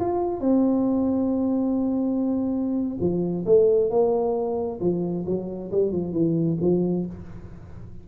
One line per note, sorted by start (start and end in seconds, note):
0.00 0.40 F4
0.40 2.98 C4
3.00 3.45 F3
3.46 3.90 A3
3.90 4.80 A#3
4.80 5.25 F3
5.26 5.71 F#3
5.72 5.92 G3
5.92 6.13 F3
6.13 6.57 E3
6.61 7.06 F3